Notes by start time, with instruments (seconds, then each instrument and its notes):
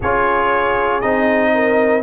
0.00 tuba C#4, trombone F4, horn G#4, trumpet C#5
1.00 tuba C4, trombone D#4, trumpet D#5
1.54 horn A#4